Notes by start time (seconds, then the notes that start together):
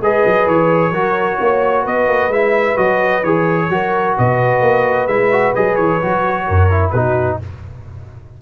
0.00 G#3 G#4 B4 D#5
0.25 F#3
0.46 E3 C#5
0.91 F#3 F#4 A#4
1.40 A#3 C#5
1.82 B3 B4 D#5
2.07 A#3
2.28 G#3 E4 E5
2.76 F#3 F#4 D#5
3.23 E3 G#4 C#5
3.69 F#3 F#4 A#4
4.17 B2 B4 D#5
4.60 A#3
5.06 G#3 E4 E5
5.31 F#4
5.55 F#3 G#4 D#5
5.75 E3 C#5
6.02 F#3 F#4
6.46 F#2 A#4
6.70 E4
6.90 B2 D#4 F#4 B4